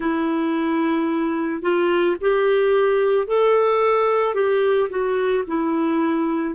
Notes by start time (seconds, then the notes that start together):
0.00 E4
1.62 F4
2.21 G4
3.27 A4
4.34 G4
4.89 F#4
5.47 E4